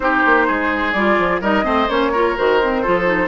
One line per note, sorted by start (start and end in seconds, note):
0.00 0.23 C4
0.00 0.94 D#4
0.00 0.47 G4
0.00 0.92 C5
0.25 0.49 A#3
0.47 0.94 G#3
0.47 1.41 G#4
0.92 1.17 G3
0.92 1.42 F4
0.92 1.39 D5
1.18 1.40 F3
1.40 1.64 G3
1.40 1.63 D#4
1.40 1.64 A#4
1.40 1.89 D#5
1.63 1.88 A3
1.63 1.87 C4
1.63 2.12 C5
1.89 2.36 A#3
1.89 2.12 C#4
1.89 2.36 C#5
2.12 2.36 F4
2.12 2.81 A#4
2.36 2.86 D#3
2.36 2.60 F#4
2.36 3.28 C5
2.62 2.85 C4
2.81 3.28 F3
2.81 3.05 F4
2.81 3.28 A4
3.05 3.28 D#4